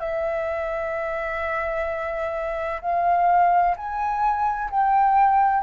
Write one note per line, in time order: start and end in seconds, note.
0.00 2.81 E5
2.82 3.75 F5
3.77 4.70 G#5
4.71 5.63 G5